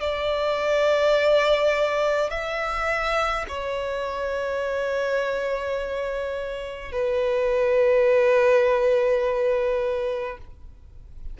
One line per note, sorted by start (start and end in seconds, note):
0.00 2.30 D5
2.30 3.45 E5
3.48 6.91 C#5
6.91 10.37 B4